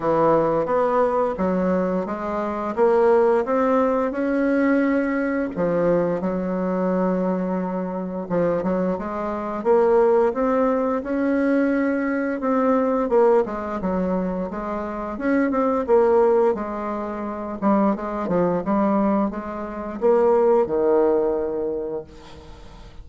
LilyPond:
\new Staff \with { instrumentName = "bassoon" } { \time 4/4 \tempo 4 = 87 e4 b4 fis4 gis4 | ais4 c'4 cis'2 | f4 fis2. | f8 fis8 gis4 ais4 c'4 |
cis'2 c'4 ais8 gis8 | fis4 gis4 cis'8 c'8 ais4 | gis4. g8 gis8 f8 g4 | gis4 ais4 dis2 | }